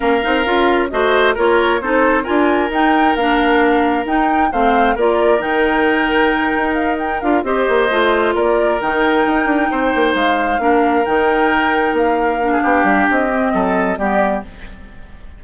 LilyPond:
<<
  \new Staff \with { instrumentName = "flute" } { \time 4/4 \tempo 4 = 133 f''2 dis''4 cis''4 | c''4 gis''4 g''4 f''4~ | f''4 g''4 f''4 d''4 | g''2. f''8 g''8 |
f''8 dis''2 d''4 g''8~ | g''2~ g''8 f''4.~ | f''8 g''2 f''4.~ | f''4 dis''2 d''4 | }
  \new Staff \with { instrumentName = "oboe" } { \time 4/4 ais'2 c''4 ais'4 | a'4 ais'2.~ | ais'2 c''4 ais'4~ | ais'1~ |
ais'8 c''2 ais'4.~ | ais'4. c''2 ais'8~ | ais'2.~ ais'8. gis'16 | g'2 a'4 g'4 | }
  \new Staff \with { instrumentName = "clarinet" } { \time 4/4 cis'8 dis'8 f'4 fis'4 f'4 | dis'4 f'4 dis'4 d'4~ | d'4 dis'4 c'4 f'4 | dis'1 |
f'8 g'4 f'2 dis'8~ | dis'2.~ dis'8 d'8~ | d'8 dis'2. d'8~ | d'4. c'4. b4 | }
  \new Staff \with { instrumentName = "bassoon" } { \time 4/4 ais8 c'8 cis'4 a4 ais4 | c'4 d'4 dis'4 ais4~ | ais4 dis'4 a4 ais4 | dis2~ dis8 dis'4. |
d'8 c'8 ais8 a4 ais4 dis8~ | dis8 dis'8 d'8 c'8 ais8 gis4 ais8~ | ais8 dis2 ais4. | b8 g8 c'4 fis4 g4 | }
>>